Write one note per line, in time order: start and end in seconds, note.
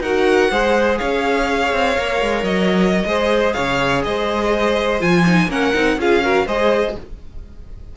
0.00 0.49 D#4
0.00 0.52 F#4
0.00 0.51 A#4
0.00 0.98 F#5
0.51 1.00 G#3
0.51 1.97 G#4
0.51 0.99 C5
0.98 1.73 C#4
0.98 3.07 C#5
0.98 2.45 F5
1.73 1.97 C4
1.97 2.22 A#3
1.97 3.07 A#4
2.22 2.43 G#3
2.43 3.04 F#3
2.43 3.54 D#5
3.06 3.55 G#3
3.06 5.01 G#4
3.06 3.55 C5
3.54 4.06 C#3
3.54 4.04 C#5
3.54 4.02 F5
4.04 5.01 G#3
4.04 5.49 C5
4.04 5.02 D#5
5.01 5.48 F3
5.01 5.25 F4
5.01 5.51 G#5
5.26 5.49 D#4
5.48 5.72 A#3
5.48 5.74 C#4
5.48 5.98 A#4
5.48 6.01 F#5
5.74 5.97 C4
5.74 5.98 D#4
5.97 6.46 C#4
5.97 6.23 F4
5.97 6.24 G#4
5.97 6.48 F5
6.23 6.47 F#4
6.23 6.47 A#4
6.47 6.96 G#3
6.47 6.97 G#4
6.47 6.96 C5
6.47 6.97 D#5